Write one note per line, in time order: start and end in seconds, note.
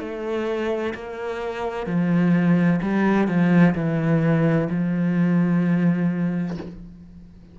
0.00 0.94 A3
0.95 1.87 A#3
1.87 2.80 F3
2.82 3.28 G3
3.28 3.75 F3
3.75 4.69 E3
4.70 6.58 F3